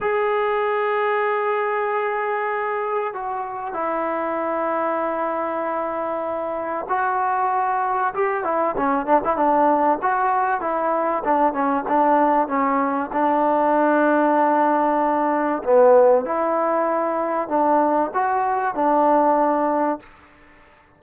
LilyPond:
\new Staff \with { instrumentName = "trombone" } { \time 4/4 \tempo 4 = 96 gis'1~ | gis'4 fis'4 e'2~ | e'2. fis'4~ | fis'4 g'8 e'8 cis'8 d'16 e'16 d'4 |
fis'4 e'4 d'8 cis'8 d'4 | cis'4 d'2.~ | d'4 b4 e'2 | d'4 fis'4 d'2 | }